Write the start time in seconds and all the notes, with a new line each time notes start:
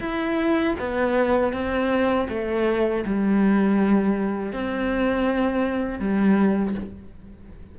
0.00 E4
0.79 B3
1.53 C4
2.29 A3
3.05 G3
4.52 C4
6.00 G3